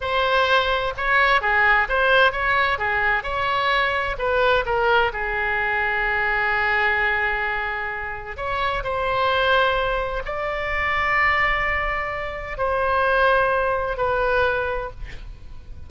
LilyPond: \new Staff \with { instrumentName = "oboe" } { \time 4/4 \tempo 4 = 129 c''2 cis''4 gis'4 | c''4 cis''4 gis'4 cis''4~ | cis''4 b'4 ais'4 gis'4~ | gis'1~ |
gis'2 cis''4 c''4~ | c''2 d''2~ | d''2. c''4~ | c''2 b'2 | }